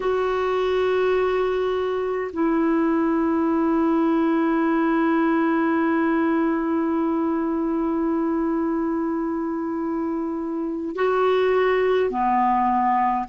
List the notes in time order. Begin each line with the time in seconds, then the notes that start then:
0.00 F#4
2.32 E4
10.95 F#4
12.10 B3